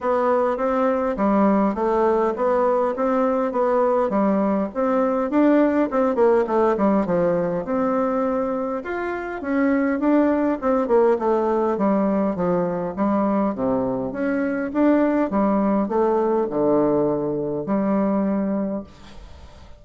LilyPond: \new Staff \with { instrumentName = "bassoon" } { \time 4/4 \tempo 4 = 102 b4 c'4 g4 a4 | b4 c'4 b4 g4 | c'4 d'4 c'8 ais8 a8 g8 | f4 c'2 f'4 |
cis'4 d'4 c'8 ais8 a4 | g4 f4 g4 c4 | cis'4 d'4 g4 a4 | d2 g2 | }